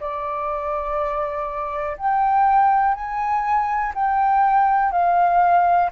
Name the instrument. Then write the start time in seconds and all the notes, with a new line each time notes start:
flute
0.00 D5
1.97 G5
2.94 G#5
3.94 G5
4.91 F5